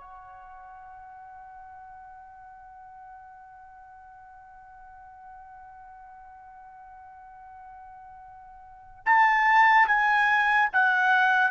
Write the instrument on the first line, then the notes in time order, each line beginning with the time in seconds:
trumpet
0.00 F#5
9.06 A5
9.87 G#5
10.73 F#5